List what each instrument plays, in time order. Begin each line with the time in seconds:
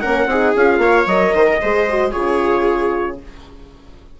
0.00 bassoon A#3, horn C#4, viola A#4, trumpet F#5
0.26 bassoon C4, horn D#4, viola G#4
0.55 bassoon C#4, horn F4, trumpet F5
0.78 bassoon A#3, viola C#5
1.06 bassoon F#3, horn A#4, trumpet D#5
1.33 bassoon D#3, viola C5
1.47 viola A#4
1.60 bassoon G#3, horn G#4, viola C5
1.89 horn F#4
2.11 bassoon C#3, horn F4, viola G#4, trumpet C#5